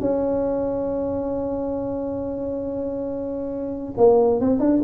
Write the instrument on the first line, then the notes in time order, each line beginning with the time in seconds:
tuba
0.00 C#4
3.98 A#3
4.41 C4
4.60 D4